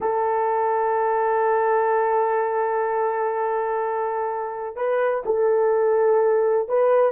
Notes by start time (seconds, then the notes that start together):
0.00 A4
4.76 B4
5.25 A4
6.68 B4